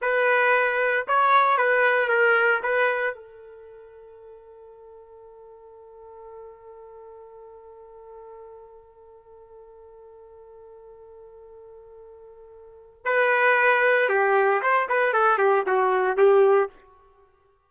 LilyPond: \new Staff \with { instrumentName = "trumpet" } { \time 4/4 \tempo 4 = 115 b'2 cis''4 b'4 | ais'4 b'4 a'2~ | a'1~ | a'1~ |
a'1~ | a'1~ | a'4 b'2 g'4 | c''8 b'8 a'8 g'8 fis'4 g'4 | }